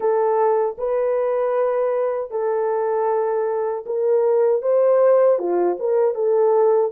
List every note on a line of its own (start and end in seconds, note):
0.00 0.76 A4
0.78 2.30 B4
2.30 3.84 A4
3.86 4.62 A#4
4.62 5.38 C5
5.38 5.77 F4
5.79 6.14 A#4
6.14 6.91 A4